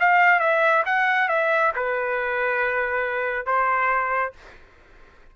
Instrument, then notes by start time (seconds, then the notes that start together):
trumpet
0.00 F5
0.40 E5
0.86 F#5
1.29 E5
1.76 B4
3.46 C5